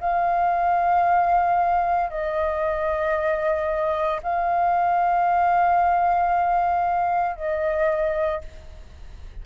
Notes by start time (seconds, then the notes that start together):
0.00 F5
2.10 D#5
4.22 F5
7.36 D#5